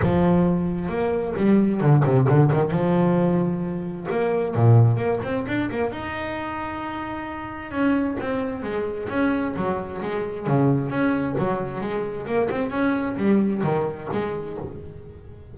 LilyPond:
\new Staff \with { instrumentName = "double bass" } { \time 4/4 \tempo 4 = 132 f2 ais4 g4 | d8 c8 d8 dis8 f2~ | f4 ais4 ais,4 ais8 c'8 | d'8 ais8 dis'2.~ |
dis'4 cis'4 c'4 gis4 | cis'4 fis4 gis4 cis4 | cis'4 fis4 gis4 ais8 c'8 | cis'4 g4 dis4 gis4 | }